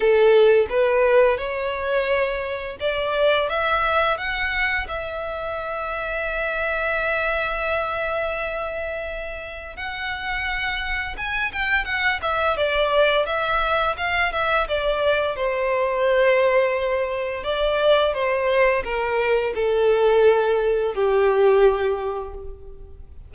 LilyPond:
\new Staff \with { instrumentName = "violin" } { \time 4/4 \tempo 4 = 86 a'4 b'4 cis''2 | d''4 e''4 fis''4 e''4~ | e''1~ | e''2 fis''2 |
gis''8 g''8 fis''8 e''8 d''4 e''4 | f''8 e''8 d''4 c''2~ | c''4 d''4 c''4 ais'4 | a'2 g'2 | }